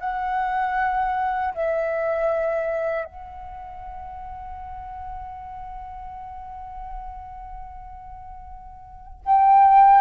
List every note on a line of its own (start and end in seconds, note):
0.00 1.54 F#5
1.54 3.05 E5
3.05 9.20 F#5
9.25 10.01 G5